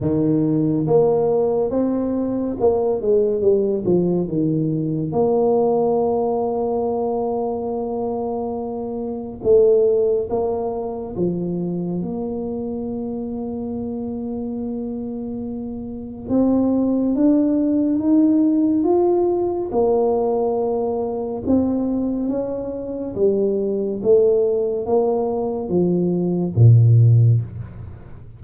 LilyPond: \new Staff \with { instrumentName = "tuba" } { \time 4/4 \tempo 4 = 70 dis4 ais4 c'4 ais8 gis8 | g8 f8 dis4 ais2~ | ais2. a4 | ais4 f4 ais2~ |
ais2. c'4 | d'4 dis'4 f'4 ais4~ | ais4 c'4 cis'4 g4 | a4 ais4 f4 ais,4 | }